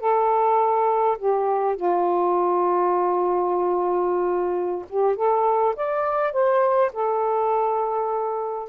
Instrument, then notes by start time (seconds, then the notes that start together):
saxophone
0.00 A4
1.18 G4
1.76 F4
4.89 G4
5.16 A4
5.76 D5
6.33 C5
6.93 A4